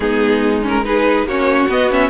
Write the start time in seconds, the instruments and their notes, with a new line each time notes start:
0.00 cello G#3, viola B3, violin D#4 G#4
0.62 viola C#4, violin A#4
0.85 viola D#4, violin G#4 B4
1.23 cello A#3, violin F#4 C#5
1.29 viola C#4
1.68 cello B3, viola B3, violin D#5
1.90 viola C#4, violin E5